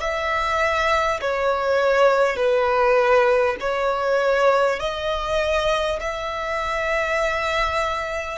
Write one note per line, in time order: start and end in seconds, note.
0.00 1.20 E5
1.21 2.36 C#5
2.36 3.56 B4
3.61 4.79 C#5
4.79 5.99 D#5
6.01 8.38 E5